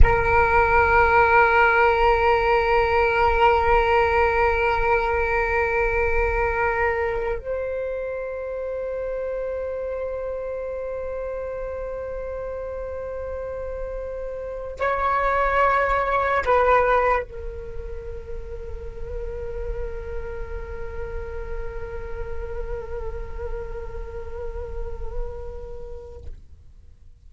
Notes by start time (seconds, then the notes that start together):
0.02 A#4
7.38 C5
14.79 C#5
16.45 B4
17.22 A#4